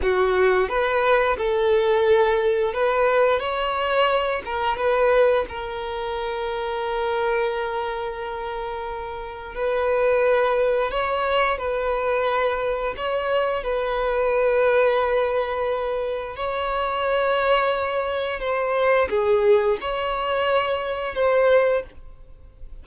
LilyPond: \new Staff \with { instrumentName = "violin" } { \time 4/4 \tempo 4 = 88 fis'4 b'4 a'2 | b'4 cis''4. ais'8 b'4 | ais'1~ | ais'2 b'2 |
cis''4 b'2 cis''4 | b'1 | cis''2. c''4 | gis'4 cis''2 c''4 | }